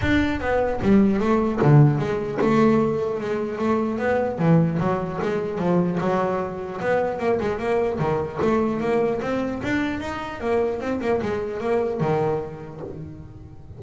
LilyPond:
\new Staff \with { instrumentName = "double bass" } { \time 4/4 \tempo 4 = 150 d'4 b4 g4 a4 | d4 gis4 a2 | gis4 a4 b4 e4 | fis4 gis4 f4 fis4~ |
fis4 b4 ais8 gis8 ais4 | dis4 a4 ais4 c'4 | d'4 dis'4 ais4 c'8 ais8 | gis4 ais4 dis2 | }